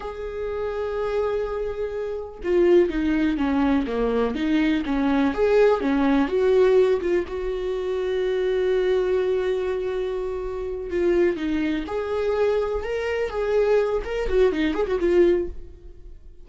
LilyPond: \new Staff \with { instrumentName = "viola" } { \time 4/4 \tempo 4 = 124 gis'1~ | gis'4 f'4 dis'4 cis'4 | ais4 dis'4 cis'4 gis'4 | cis'4 fis'4. f'8 fis'4~ |
fis'1~ | fis'2~ fis'8 f'4 dis'8~ | dis'8 gis'2 ais'4 gis'8~ | gis'4 ais'8 fis'8 dis'8 gis'16 fis'16 f'4 | }